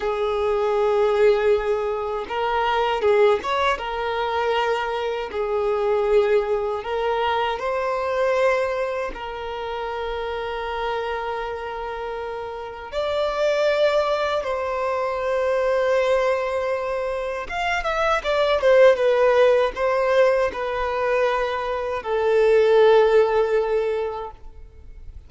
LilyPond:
\new Staff \with { instrumentName = "violin" } { \time 4/4 \tempo 4 = 79 gis'2. ais'4 | gis'8 cis''8 ais'2 gis'4~ | gis'4 ais'4 c''2 | ais'1~ |
ais'4 d''2 c''4~ | c''2. f''8 e''8 | d''8 c''8 b'4 c''4 b'4~ | b'4 a'2. | }